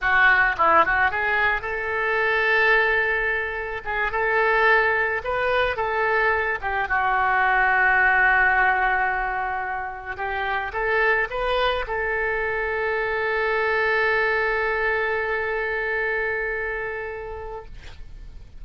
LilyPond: \new Staff \with { instrumentName = "oboe" } { \time 4/4 \tempo 4 = 109 fis'4 e'8 fis'8 gis'4 a'4~ | a'2. gis'8 a'8~ | a'4. b'4 a'4. | g'8 fis'2.~ fis'8~ |
fis'2~ fis'8 g'4 a'8~ | a'8 b'4 a'2~ a'8~ | a'1~ | a'1 | }